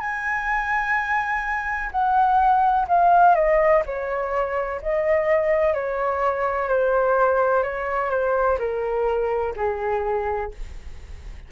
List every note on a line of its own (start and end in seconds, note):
0.00 1.90 G#5
1.92 2.87 F#5
2.88 3.35 F5
3.35 3.83 D#5
3.86 4.81 C#5
4.82 5.74 D#5
5.74 6.69 C#5
6.69 7.64 C5
7.64 8.11 C#5
8.11 8.58 C5
8.59 9.54 A#4
9.57 10.52 G#4